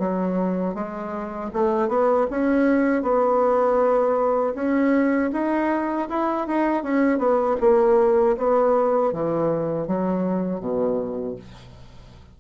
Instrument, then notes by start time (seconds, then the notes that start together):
bassoon
0.00 F#3
0.75 G#3
1.54 A3
1.89 B3
2.31 C#4
3.03 B3
4.55 C#4
5.33 D#4
6.10 E4
6.48 D#4
6.84 C#4
7.19 B3
7.61 A#3
8.38 B3
9.13 E3
9.87 F#3
10.60 B2